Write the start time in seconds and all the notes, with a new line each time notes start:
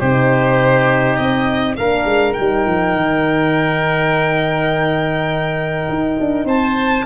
0.00 C3 D#4 G4 C5
1.17 C4 D#5
1.77 A#3 D4 A#4 F5
2.05 G#3
2.33 G3 D#4 G5
2.67 F3
2.95 D#3
5.89 D#4
6.20 D4
6.45 C4 C5 A5